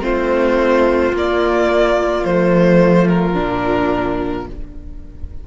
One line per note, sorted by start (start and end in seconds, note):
0.00 1.12 A3
0.00 1.11 C4
0.00 4.48 F4
0.00 1.15 C5
1.13 2.25 A#3
1.13 2.27 A#3
1.13 2.25 D5
2.25 3.36 F3
2.25 3.34 A3
2.25 3.08 C5
3.09 4.47 A#4
3.34 4.47 A#2
3.34 4.46 D4